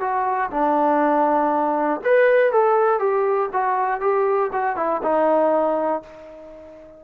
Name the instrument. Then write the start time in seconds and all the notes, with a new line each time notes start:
trombone
0.00 F#4
0.50 D4
2.04 B4
2.52 A4
2.99 G4
3.53 F#4
4.00 G4
4.52 F#4
4.76 E4
5.02 D#4